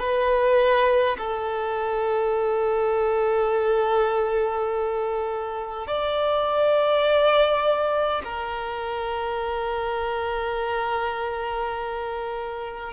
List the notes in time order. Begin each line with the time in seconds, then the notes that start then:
0.00 B4
1.18 A4
5.87 D5
8.25 A#4